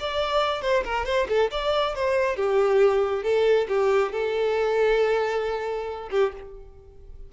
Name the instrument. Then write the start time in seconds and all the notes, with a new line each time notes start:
violin
0.00 D5
0.62 C5
0.85 A#4
1.06 C5
1.29 A4
1.51 D5
1.95 C5
2.36 G4
3.24 A4
3.68 G4
4.12 A4
6.11 G4